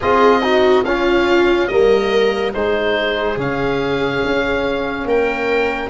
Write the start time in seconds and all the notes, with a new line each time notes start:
0.00 C4 F4 G#4 D#5
0.42 D#4 F#4
0.84 C#4 F4 F5
1.67 G3 A#3 A#4 D#5
2.53 G#3 D#4 G#4 C5
3.36 C#3 C#4 F5
4.24 C#4
5.05 A#3 A#4 G5